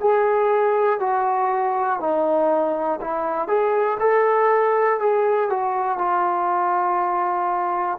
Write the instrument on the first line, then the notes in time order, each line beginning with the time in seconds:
trombone
0.00 G#4
1.00 F#4
2.00 D#4
3.01 E4
3.48 G#4
4.00 A4
5.00 G#4
5.50 F#4
5.99 F4